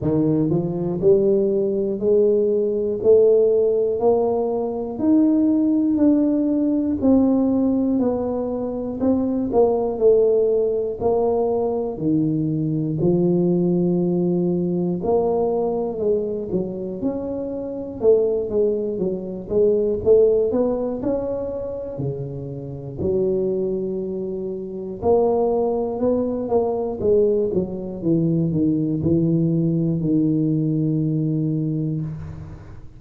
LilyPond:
\new Staff \with { instrumentName = "tuba" } { \time 4/4 \tempo 4 = 60 dis8 f8 g4 gis4 a4 | ais4 dis'4 d'4 c'4 | b4 c'8 ais8 a4 ais4 | dis4 f2 ais4 |
gis8 fis8 cis'4 a8 gis8 fis8 gis8 | a8 b8 cis'4 cis4 fis4~ | fis4 ais4 b8 ais8 gis8 fis8 | e8 dis8 e4 dis2 | }